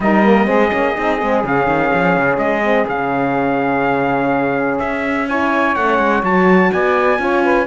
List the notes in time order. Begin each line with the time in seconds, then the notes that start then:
0.00 G3 D#4 A#4 D#5
0.24 A#3
0.45 G#3 C4 G#4
0.70 A#3 C#4
0.95 C4 D#4
1.20 G#3 C4
1.43 C#3 C#4 F5
1.66 D#3
1.94 F3
2.16 C#3
2.37 G#3 D#5
2.63 C4
2.87 C#3 C#4 F5
4.79 C#4 E5
5.27 E4 C#5 G#5
5.75 A3 C#4 F#5
5.98 G#3
6.22 F#3 F#4 A5
6.72 B3 D5 G#5
7.18 C#4 F4 C#5
7.43 B4